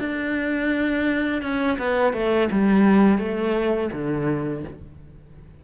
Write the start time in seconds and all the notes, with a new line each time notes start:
0.00 D4
1.43 C#4
1.79 B3
2.14 A3
2.52 G3
3.19 A3
3.93 D3